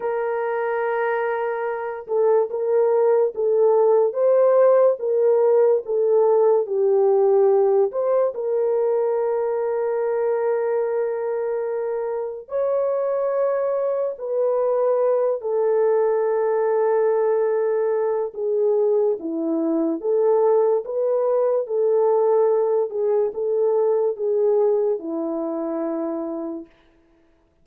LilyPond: \new Staff \with { instrumentName = "horn" } { \time 4/4 \tempo 4 = 72 ais'2~ ais'8 a'8 ais'4 | a'4 c''4 ais'4 a'4 | g'4. c''8 ais'2~ | ais'2. cis''4~ |
cis''4 b'4. a'4.~ | a'2 gis'4 e'4 | a'4 b'4 a'4. gis'8 | a'4 gis'4 e'2 | }